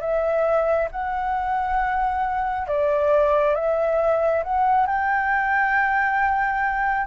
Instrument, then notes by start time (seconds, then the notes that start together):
flute
0.00 E5
0.91 F#5
2.68 D5
3.55 E5
4.44 F#5
4.86 G5